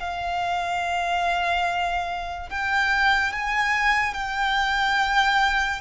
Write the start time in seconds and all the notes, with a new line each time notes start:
0.00 F5
2.50 G5
3.33 G#5
4.14 G5